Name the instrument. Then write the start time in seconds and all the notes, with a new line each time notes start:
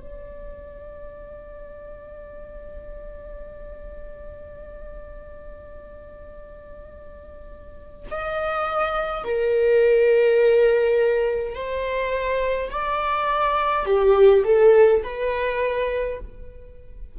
viola
0.00 D5
8.11 D#5
9.25 A#4
11.55 C5
12.71 D5
13.86 G4
14.45 A4
15.04 B4